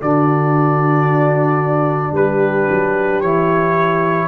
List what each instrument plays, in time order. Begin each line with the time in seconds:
0.00 tuba D3, trombone D4, horn F#4, trumpet D5
2.11 tuba G3, horn G4, trumpet B4
2.70 tuba F#3
3.21 tuba E3, trombone E4, trumpet C#5